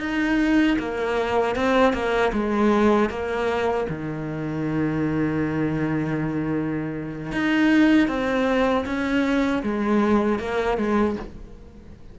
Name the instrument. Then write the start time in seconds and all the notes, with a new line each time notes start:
cello
0.00 D#4
0.79 A#3
1.56 C4
1.93 A#3
2.33 G#3
3.10 A#3
3.89 D#3
7.32 D#4
8.08 C4
8.85 C#4
9.63 G#3
10.39 A#3
10.78 G#3